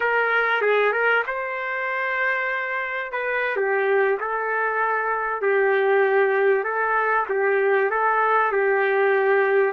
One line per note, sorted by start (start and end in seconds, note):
0.00 0.61 A#4
0.61 0.92 G#4
0.92 1.23 A#4
1.26 3.12 C5
3.12 3.56 B4
3.56 4.18 G4
4.20 5.41 A4
5.41 6.64 G4
6.64 7.25 A4
7.29 7.90 G4
7.90 8.52 A4
8.52 9.73 G4